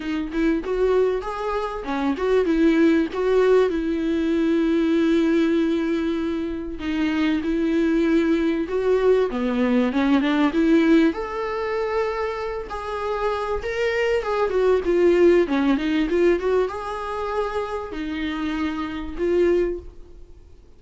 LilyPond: \new Staff \with { instrumentName = "viola" } { \time 4/4 \tempo 4 = 97 dis'8 e'8 fis'4 gis'4 cis'8 fis'8 | e'4 fis'4 e'2~ | e'2. dis'4 | e'2 fis'4 b4 |
cis'8 d'8 e'4 a'2~ | a'8 gis'4. ais'4 gis'8 fis'8 | f'4 cis'8 dis'8 f'8 fis'8 gis'4~ | gis'4 dis'2 f'4 | }